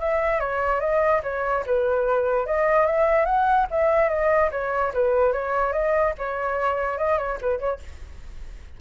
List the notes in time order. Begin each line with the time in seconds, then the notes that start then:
0.00 E5
0.40 C#5
0.80 D#5
1.23 C#5
1.66 B4
2.46 D#5
2.86 E5
3.26 F#5
3.71 E5
4.09 D#5
4.51 C#5
4.94 B4
5.33 C#5
5.73 D#5
6.18 C#5
6.98 D#5
7.18 C#5
7.41 B4
7.59 C#5